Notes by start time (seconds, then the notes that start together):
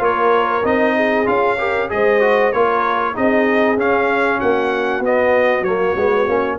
0.00 A#3 F4 A#4 C#5
0.64 C4 D#4 D#5
0.96 G#4
1.26 C#4 F4 F5
1.59 G4 A#4
1.90 G#3 G#4 C5 D#5
2.21 F#4
2.53 A#3 F4 A#4 C#5
3.15 C4 D#4 G#4 D#5
3.77 C#4 F5
4.39 A#3 F#4 F#5
5.00 B3 D#5
5.62 F#3 A#3 C#5
5.97 G#3 B3
6.28 A#3 C#4